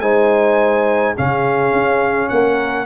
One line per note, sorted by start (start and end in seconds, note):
0.00 1.14 G#3
0.00 1.16 D#4
0.00 1.15 C5
0.00 1.15 G#5
1.15 1.72 C#3
1.15 2.86 C#4
1.15 2.30 G#4
1.15 2.29 F5
1.72 2.30 C#4
2.29 2.86 A#3
2.29 2.86 A#4
2.29 2.86 F#5